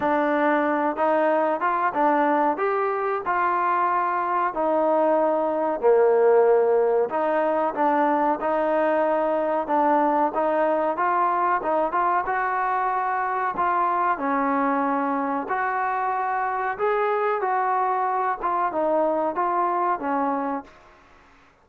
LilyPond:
\new Staff \with { instrumentName = "trombone" } { \time 4/4 \tempo 4 = 93 d'4. dis'4 f'8 d'4 | g'4 f'2 dis'4~ | dis'4 ais2 dis'4 | d'4 dis'2 d'4 |
dis'4 f'4 dis'8 f'8 fis'4~ | fis'4 f'4 cis'2 | fis'2 gis'4 fis'4~ | fis'8 f'8 dis'4 f'4 cis'4 | }